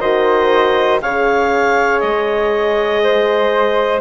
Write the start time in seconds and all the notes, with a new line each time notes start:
0.00 D#3 F#4 C5 D#5
1.02 C#3 G#4 C#5 F5
2.00 G#3 D#5
3.04 C5